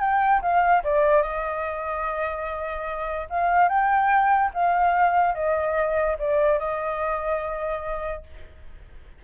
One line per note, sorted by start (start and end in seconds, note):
0.00 0.41 G5
0.41 0.83 F5
0.83 1.22 D5
1.22 3.28 D#5
3.30 3.69 F5
3.69 4.51 G5
4.54 5.35 F5
5.35 6.17 D#5
6.18 6.59 D5
6.59 8.23 D#5